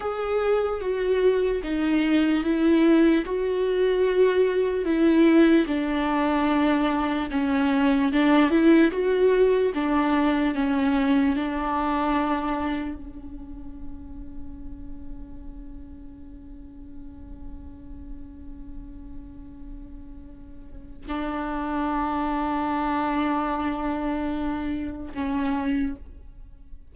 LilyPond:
\new Staff \with { instrumentName = "viola" } { \time 4/4 \tempo 4 = 74 gis'4 fis'4 dis'4 e'4 | fis'2 e'4 d'4~ | d'4 cis'4 d'8 e'8 fis'4 | d'4 cis'4 d'2 |
cis'1~ | cis'1~ | cis'2 d'2~ | d'2. cis'4 | }